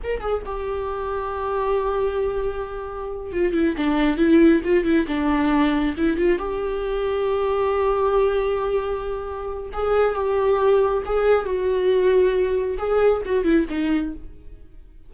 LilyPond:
\new Staff \with { instrumentName = "viola" } { \time 4/4 \tempo 4 = 136 ais'8 gis'8 g'2.~ | g'2.~ g'8 f'8 | e'8 d'4 e'4 f'8 e'8 d'8~ | d'4. e'8 f'8 g'4.~ |
g'1~ | g'2 gis'4 g'4~ | g'4 gis'4 fis'2~ | fis'4 gis'4 fis'8 e'8 dis'4 | }